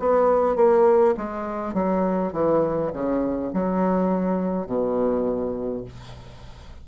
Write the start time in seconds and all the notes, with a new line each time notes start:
0.00 B3
0.57 A#3
1.18 G#3
1.74 F#3
2.33 E3
2.94 C#3
3.54 F#3
4.67 B2